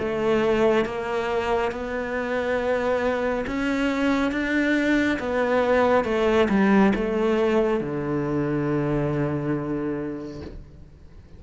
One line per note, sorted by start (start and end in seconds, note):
0.00 0.85 A3
0.85 1.72 A#3
1.72 3.46 B3
3.47 4.32 C#4
4.32 5.19 D4
5.20 6.05 B3
6.05 6.49 A3
6.50 6.93 G3
6.95 7.81 A3
7.81 10.42 D3